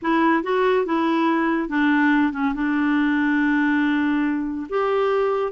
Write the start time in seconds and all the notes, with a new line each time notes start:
0.02 E4
0.43 F#4
0.85 E4
1.68 D4
2.32 C#4
2.54 D4
4.69 G4